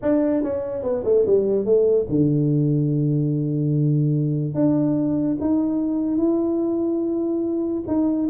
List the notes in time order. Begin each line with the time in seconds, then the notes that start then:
0.02 D4
0.43 C#4
0.83 B3
1.04 A3
1.26 G3
1.65 A3
2.09 D3
4.54 D4
5.40 D#4
6.17 E4
7.87 D#4